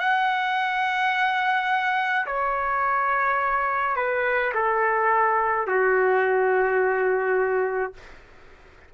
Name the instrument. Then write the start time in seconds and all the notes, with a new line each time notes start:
trumpet
0.00 F#5
2.27 C#5
3.97 B4
4.55 A4
5.68 F#4